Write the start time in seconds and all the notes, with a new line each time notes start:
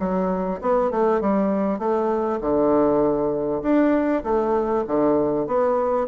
0.00 F#3
0.62 B3
0.91 A3
1.21 G3
1.79 A3
2.41 D3
3.63 D4
4.24 A3
4.87 D3
5.47 B3